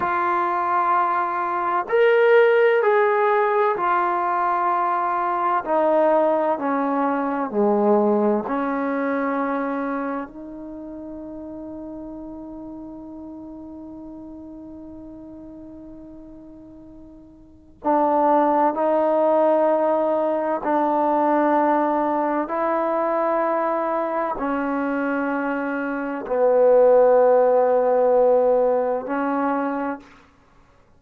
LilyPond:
\new Staff \with { instrumentName = "trombone" } { \time 4/4 \tempo 4 = 64 f'2 ais'4 gis'4 | f'2 dis'4 cis'4 | gis4 cis'2 dis'4~ | dis'1~ |
dis'2. d'4 | dis'2 d'2 | e'2 cis'2 | b2. cis'4 | }